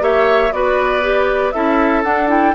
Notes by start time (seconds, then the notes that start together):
0.00 A#3 G4 C#5 E5
0.52 B3 F#4 B4 D5
1.02 G4
1.52 C#4 E4 A4 E5
2.04 D4 F#5
2.28 E4 G5